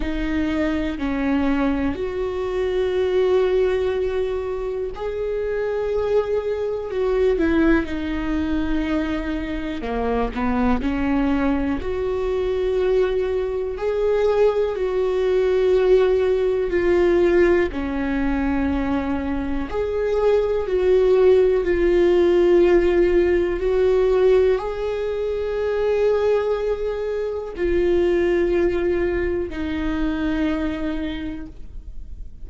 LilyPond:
\new Staff \with { instrumentName = "viola" } { \time 4/4 \tempo 4 = 61 dis'4 cis'4 fis'2~ | fis'4 gis'2 fis'8 e'8 | dis'2 ais8 b8 cis'4 | fis'2 gis'4 fis'4~ |
fis'4 f'4 cis'2 | gis'4 fis'4 f'2 | fis'4 gis'2. | f'2 dis'2 | }